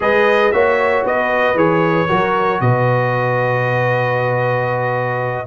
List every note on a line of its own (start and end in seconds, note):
0.00 0.52 G#3
0.00 0.52 G#4
0.00 0.53 B4
0.00 0.51 D#5
0.51 1.04 A#3
0.51 1.56 F#4
0.51 1.05 C#5
0.51 1.04 E5
1.04 1.55 B3
1.04 2.08 B4
1.04 1.57 D#5
1.55 2.07 E3
1.55 2.07 G#4
1.55 2.61 C#5
2.07 2.60 F#3
2.07 5.46 F#4
2.07 2.60 A#4
2.60 5.46 B2
2.60 5.46 B4
2.60 5.46 D#5